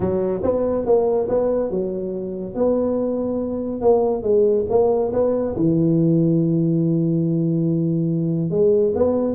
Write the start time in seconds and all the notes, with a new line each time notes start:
0.00 F#3
0.43 B3
0.85 A#3
1.29 B3
1.70 F#3
2.55 B3
3.81 A#3
4.22 G#3
4.69 A#3
5.12 B3
5.55 E3
8.50 G#3
8.95 B3